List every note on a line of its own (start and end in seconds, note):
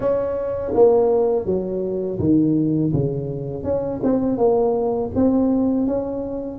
0.00 0.73 C#4
0.74 1.45 A#3
1.45 2.18 F#3
2.19 2.92 D#3
2.93 3.63 C#3
3.63 4.00 C#4
4.03 4.37 C4
4.37 5.10 A#3
5.15 5.86 C4
5.86 6.59 C#4